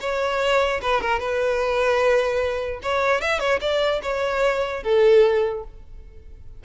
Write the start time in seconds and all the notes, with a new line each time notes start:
0.00 C#5
0.81 B4
1.01 A#4
1.19 B4
2.82 C#5
3.21 E5
3.39 C#5
3.60 D5
4.02 C#5
4.83 A4